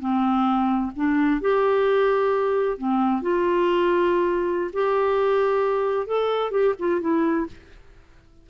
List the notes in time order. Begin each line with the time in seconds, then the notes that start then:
0.00 C4
0.96 D4
1.41 G4
2.78 C4
3.22 F4
4.73 G4
6.07 A4
6.51 G4
6.79 F4
7.01 E4